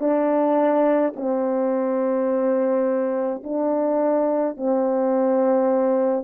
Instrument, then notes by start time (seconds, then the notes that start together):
horn
0.00 D4
1.16 C4
3.44 D4
4.57 C4